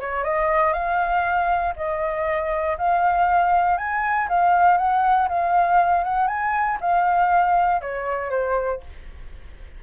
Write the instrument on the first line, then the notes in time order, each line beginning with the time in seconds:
flute
0.00 C#5
0.24 D#5
0.73 F5
1.76 D#5
2.78 F5
3.78 G#5
4.29 F5
4.78 F#5
5.29 F5
6.04 F#5
6.28 G#5
6.81 F5
7.82 C#5
8.30 C5